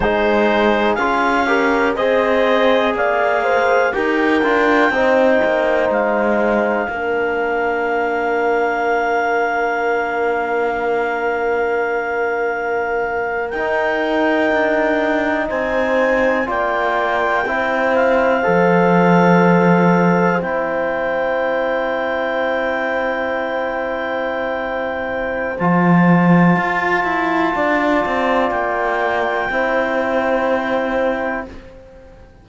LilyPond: <<
  \new Staff \with { instrumentName = "clarinet" } { \time 4/4 \tempo 4 = 61 c''4 f''4 dis''4 f''4 | g''2 f''2~ | f''1~ | f''4.~ f''16 g''2 gis''16~ |
gis''8. g''4. f''4.~ f''16~ | f''8. g''2.~ g''16~ | g''2 a''2~ | a''4 g''2. | }
  \new Staff \with { instrumentName = "horn" } { \time 4/4 gis'4. ais'8 c''4 d''8 c''8 | ais'4 c''2 ais'4~ | ais'1~ | ais'2.~ ais'8. c''16~ |
c''8. d''4 c''2~ c''16~ | c''1~ | c''1 | d''2 c''2 | }
  \new Staff \with { instrumentName = "trombone" } { \time 4/4 dis'4 f'8 g'8 gis'2 | g'8 f'8 dis'2 d'4~ | d'1~ | d'4.~ d'16 dis'2~ dis'16~ |
dis'8. f'4 e'4 a'4~ a'16~ | a'8. e'2.~ e'16~ | e'2 f'2~ | f'2 e'2 | }
  \new Staff \with { instrumentName = "cello" } { \time 4/4 gis4 cis'4 c'4 ais4 | dis'8 d'8 c'8 ais8 gis4 ais4~ | ais1~ | ais4.~ ais16 dis'4 d'4 c'16~ |
c'8. ais4 c'4 f4~ f16~ | f8. c'2.~ c'16~ | c'2 f4 f'8 e'8 | d'8 c'8 ais4 c'2 | }
>>